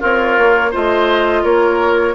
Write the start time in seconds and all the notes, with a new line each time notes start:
0.00 C4 F4 A#4 C#5
0.38 A#3
0.71 A3 F4 C5 D#5
1.43 A#3 A#4 C#5